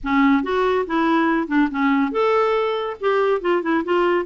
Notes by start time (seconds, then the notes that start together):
0.03 C#4
0.43 F#4
0.86 E4
1.47 D4
1.70 C#4
2.11 A4
3.00 G4
3.41 F4
3.62 E4
3.84 F4